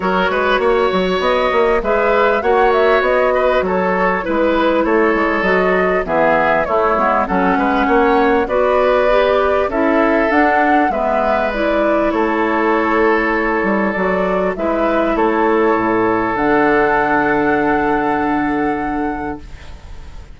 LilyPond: <<
  \new Staff \with { instrumentName = "flute" } { \time 4/4 \tempo 4 = 99 cis''2 dis''4 e''4 | fis''8 e''8 dis''4 cis''4 b'4 | cis''4 dis''4 e''4 cis''4 | fis''2 d''2 |
e''4 fis''4 e''4 d''4 | cis''2. d''4 | e''4 cis''2 fis''4~ | fis''1 | }
  \new Staff \with { instrumentName = "oboe" } { \time 4/4 ais'8 b'8 cis''2 b'4 | cis''4. b'8 a'4 b'4 | a'2 gis'4 e'4 | a'8 b'8 cis''4 b'2 |
a'2 b'2 | a'1 | b'4 a'2.~ | a'1 | }
  \new Staff \with { instrumentName = "clarinet" } { \time 4/4 fis'2. gis'4 | fis'2. e'4~ | e'4 fis'4 b4 a8 b8 | cis'2 fis'4 g'4 |
e'4 d'4 b4 e'4~ | e'2. fis'4 | e'2. d'4~ | d'1 | }
  \new Staff \with { instrumentName = "bassoon" } { \time 4/4 fis8 gis8 ais8 fis8 b8 ais8 gis4 | ais4 b4 fis4 gis4 | a8 gis8 fis4 e4 a8 gis8 | fis8 gis8 ais4 b2 |
cis'4 d'4 gis2 | a2~ a8 g8 fis4 | gis4 a4 a,4 d4~ | d1 | }
>>